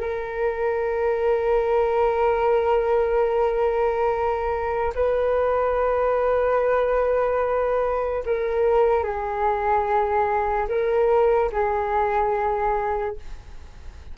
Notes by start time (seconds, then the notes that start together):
0.00 A#4
4.95 B4
8.26 A#4
9.03 G#4
10.68 A#4
11.52 G#4